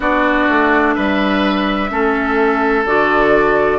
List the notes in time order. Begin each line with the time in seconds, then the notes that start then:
0.00 B3 D4 F#4 D5
0.48 A3
0.94 G3 B4 E5
1.89 A3 C#4 A4
2.85 D3 F#4 D5